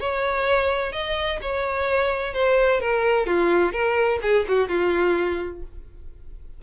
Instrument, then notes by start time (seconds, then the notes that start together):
violin
0.00 C#5
0.92 D#5
1.41 C#5
2.34 C5
2.80 A#4
3.26 F4
3.72 A#4
4.22 G#4
4.48 F#4
4.69 F4